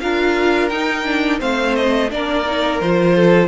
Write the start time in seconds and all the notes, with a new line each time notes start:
0.00 D4 F4 A#4 F5
0.69 D#4 G5
1.04 D4
1.39 A3 C4 C5 F5
1.75 D#5
2.10 A#3 D4 A#4 D5
2.45 D#4
2.80 F3 F4 C5
3.15 A4